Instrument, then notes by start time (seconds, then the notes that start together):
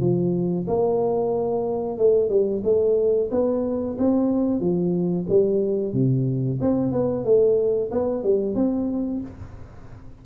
tuba
0.00 F3
0.67 A#3
1.98 A3
2.29 G3
2.64 A3
3.31 B3
3.98 C4
4.60 F3
5.29 G3
5.93 C3
6.61 C4
6.92 B3
7.24 A3
7.91 B3
8.23 G3
8.55 C4